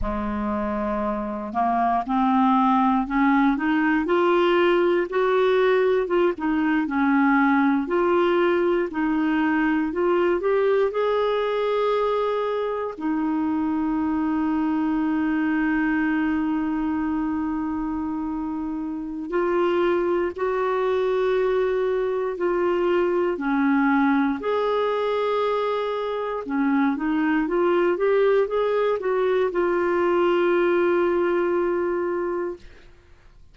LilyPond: \new Staff \with { instrumentName = "clarinet" } { \time 4/4 \tempo 4 = 59 gis4. ais8 c'4 cis'8 dis'8 | f'4 fis'4 f'16 dis'8 cis'4 f'16~ | f'8. dis'4 f'8 g'8 gis'4~ gis'16~ | gis'8. dis'2.~ dis'16~ |
dis'2. f'4 | fis'2 f'4 cis'4 | gis'2 cis'8 dis'8 f'8 g'8 | gis'8 fis'8 f'2. | }